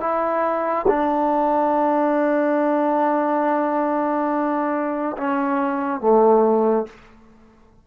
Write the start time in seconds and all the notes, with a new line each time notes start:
0.00 E4
0.88 D4
5.17 C#4
6.00 A3